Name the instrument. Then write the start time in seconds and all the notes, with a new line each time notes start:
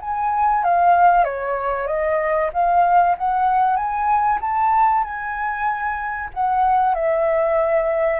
flute
0.00 G#5
0.63 F5
1.24 C#5
1.87 D#5
2.53 F5
3.18 F#5
3.76 G#5
4.41 A5
5.03 G#5
6.33 F#5
6.94 E5